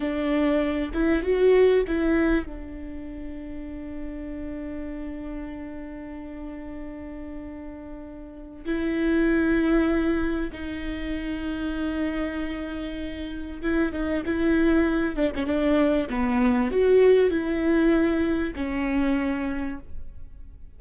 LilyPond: \new Staff \with { instrumentName = "viola" } { \time 4/4 \tempo 4 = 97 d'4. e'8 fis'4 e'4 | d'1~ | d'1~ | d'2 e'2~ |
e'4 dis'2.~ | dis'2 e'8 dis'8 e'4~ | e'8 d'16 cis'16 d'4 b4 fis'4 | e'2 cis'2 | }